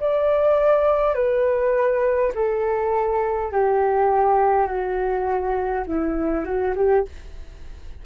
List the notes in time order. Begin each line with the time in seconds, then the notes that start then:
0.00 D5
1.15 B4
2.35 A4
3.52 G4
4.67 F#4
5.87 E4
6.45 F#4
6.75 G4